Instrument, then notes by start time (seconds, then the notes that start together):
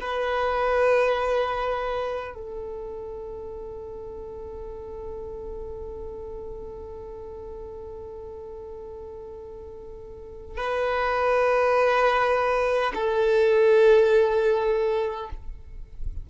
violin
0.00 B4
2.34 A4
10.57 B4
12.94 A4